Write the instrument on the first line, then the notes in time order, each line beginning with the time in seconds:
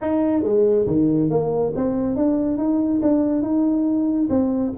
tuba
0.01 D#4
0.43 G#3
0.86 D#3
1.30 A#3
1.75 C4
2.16 D4
2.57 D#4
3.02 D4
3.42 D#4
4.29 C4